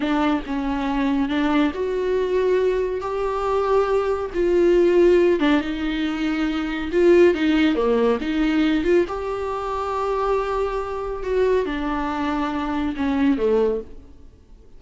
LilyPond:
\new Staff \with { instrumentName = "viola" } { \time 4/4 \tempo 4 = 139 d'4 cis'2 d'4 | fis'2. g'4~ | g'2 f'2~ | f'8 d'8 dis'2. |
f'4 dis'4 ais4 dis'4~ | dis'8 f'8 g'2.~ | g'2 fis'4 d'4~ | d'2 cis'4 a4 | }